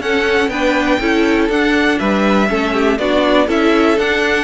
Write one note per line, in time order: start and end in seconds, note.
0.00 0.48 C#4
0.00 0.50 C#4
0.00 0.50 A4
0.00 0.49 F#5
0.48 0.97 B3
0.48 1.00 D4
0.48 1.00 B4
0.48 1.48 G5
1.00 1.49 C#4
1.00 1.50 E4
1.00 1.99 A4
1.49 1.98 D4
1.49 2.48 D4
1.49 1.99 F#5
1.99 2.49 G3
1.99 2.48 B4
1.99 2.97 E5
2.48 2.99 A3
2.48 2.97 C#4
2.48 2.73 A4
2.73 2.98 G4
2.97 3.48 B3
2.97 3.47 D4
2.97 3.47 F#4
2.97 3.47 D5
3.47 3.98 C#4
3.47 3.97 E4
3.47 4.44 A4
3.47 3.99 E5
3.98 4.44 D4
3.98 4.44 F#5